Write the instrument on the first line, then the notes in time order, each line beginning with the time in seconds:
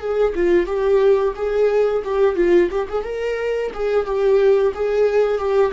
viola
0.00 G#4
0.35 F4
0.66 G4
1.35 G#4
2.04 G4
2.36 F4
2.71 G4
2.89 G#4
3.04 A#4
3.74 G#4
4.05 G4
4.74 G#4
5.38 G4